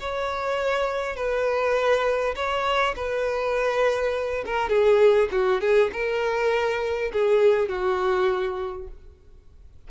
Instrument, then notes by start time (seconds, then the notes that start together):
violin
0.00 C#5
1.16 B4
2.35 C#5
2.96 B4
4.46 A#4
4.69 G#4
5.31 F#4
5.61 G#4
5.93 A#4
7.13 G#4
7.69 F#4